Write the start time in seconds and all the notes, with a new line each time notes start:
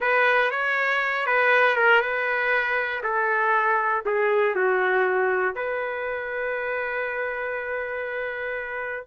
0.00 B4
0.50 C#5
1.26 B4
1.76 A#4
2.01 B4
3.03 A4
4.05 G#4
4.55 F#4
5.55 B4